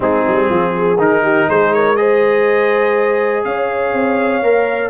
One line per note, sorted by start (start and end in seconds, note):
0.00 0.23 G#3
0.00 0.97 C4
0.00 0.46 D#4
0.00 1.00 G#4
0.27 0.49 G3
0.49 0.98 F3
0.49 0.74 F4
0.77 1.23 G#4
0.98 1.47 D#3
0.98 1.96 D#4
0.98 1.49 A#4
1.23 1.47 G4
1.48 3.44 G#3
1.48 1.74 G#4
1.48 1.73 C5
1.73 1.98 A#4
1.73 1.96 C#5
1.96 4.42 G#4
1.96 3.46 C5
1.96 3.43 D#5
3.44 3.93 C#4
3.44 4.89 C#5
3.44 4.89 F5
3.93 4.42 C4
4.42 4.89 A#3
4.42 4.89 A#4